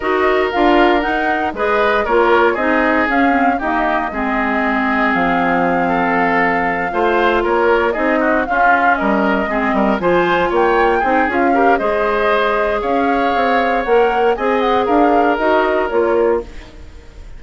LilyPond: <<
  \new Staff \with { instrumentName = "flute" } { \time 4/4 \tempo 4 = 117 dis''4 f''4 fis''4 dis''4 | cis''4 dis''4 f''4 dis''4~ | dis''2 f''2~ | f''2~ f''8 cis''4 dis''8~ |
dis''8 f''4 dis''2 gis''8~ | gis''8 g''4. f''4 dis''4~ | dis''4 f''2 fis''4 | gis''8 fis''8 f''4 dis''4 cis''4 | }
  \new Staff \with { instrumentName = "oboe" } { \time 4/4 ais'2. b'4 | ais'4 gis'2 g'4 | gis'2.~ gis'8 a'8~ | a'4. c''4 ais'4 gis'8 |
fis'8 f'4 ais'4 gis'8 ais'8 c''8~ | c''8 cis''4 gis'4 ais'8 c''4~ | c''4 cis''2. | dis''4 ais'2. | }
  \new Staff \with { instrumentName = "clarinet" } { \time 4/4 fis'4 f'4 dis'4 gis'4 | f'4 dis'4 cis'8 c'8 ais4 | c'1~ | c'4. f'2 dis'8~ |
dis'8 cis'2 c'4 f'8~ | f'4. dis'8 f'8 g'8 gis'4~ | gis'2. ais'4 | gis'2 fis'4 f'4 | }
  \new Staff \with { instrumentName = "bassoon" } { \time 4/4 dis'4 d'4 dis'4 gis4 | ais4 c'4 cis'4 dis'4 | gis2 f2~ | f4. a4 ais4 c'8~ |
c'8 cis'4 g4 gis8 g8 f8~ | f8 ais4 c'8 cis'4 gis4~ | gis4 cis'4 c'4 ais4 | c'4 d'4 dis'4 ais4 | }
>>